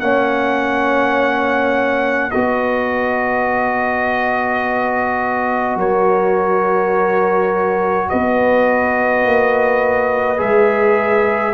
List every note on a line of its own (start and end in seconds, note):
0.00 2.31 A#3
0.00 2.32 C#4
0.00 2.33 C#5
0.00 2.31 F#5
2.31 5.76 B3
2.31 10.37 F#4
2.31 5.78 B4
2.31 5.77 D#5
5.76 8.07 F#3
5.76 8.09 A#4
5.76 8.09 C#5
8.09 9.25 B3
8.09 11.54 B4
8.09 10.40 D#5
9.25 10.40 A#3
10.37 11.54 G#3
10.37 11.53 G#4
10.37 11.54 E5